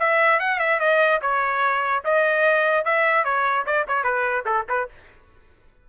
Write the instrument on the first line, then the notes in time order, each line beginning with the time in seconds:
trumpet
0.00 E5
0.40 F#5
0.60 E5
0.80 D#5
1.22 C#5
2.05 D#5
2.85 E5
3.24 C#5
3.66 D5
3.88 C#5
4.04 B4
4.46 A4
4.69 B4